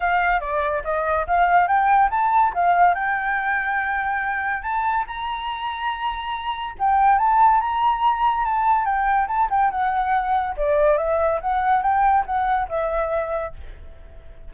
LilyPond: \new Staff \with { instrumentName = "flute" } { \time 4/4 \tempo 4 = 142 f''4 d''4 dis''4 f''4 | g''4 a''4 f''4 g''4~ | g''2. a''4 | ais''1 |
g''4 a''4 ais''2 | a''4 g''4 a''8 g''8 fis''4~ | fis''4 d''4 e''4 fis''4 | g''4 fis''4 e''2 | }